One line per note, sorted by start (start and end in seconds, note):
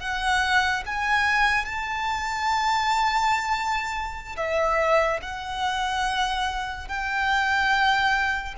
0.00 0.83 F#5
0.86 1.66 G#5
1.66 4.37 A5
4.37 5.20 E5
5.22 6.88 F#5
6.88 8.55 G5